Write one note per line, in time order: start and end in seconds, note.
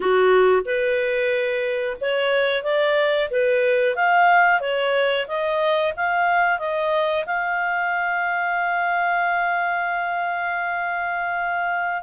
0.00 0.62 F#4
0.65 1.97 B4
2.00 2.63 C#5
2.63 3.29 D5
3.30 3.95 B4
3.95 4.60 F5
4.60 5.26 C#5
5.27 5.93 D#5
5.96 6.58 F5
6.58 7.24 D#5
7.26 12.03 F5